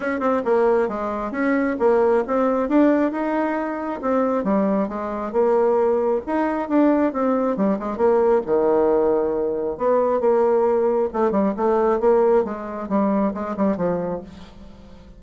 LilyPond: \new Staff \with { instrumentName = "bassoon" } { \time 4/4 \tempo 4 = 135 cis'8 c'8 ais4 gis4 cis'4 | ais4 c'4 d'4 dis'4~ | dis'4 c'4 g4 gis4 | ais2 dis'4 d'4 |
c'4 g8 gis8 ais4 dis4~ | dis2 b4 ais4~ | ais4 a8 g8 a4 ais4 | gis4 g4 gis8 g8 f4 | }